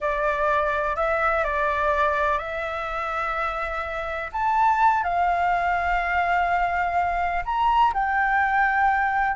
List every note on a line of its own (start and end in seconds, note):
0.00 0.96 D5
0.96 1.44 E5
1.44 2.38 D5
2.38 4.30 E5
4.32 5.03 A5
5.03 7.43 F5
7.45 7.93 A#5
7.93 9.36 G5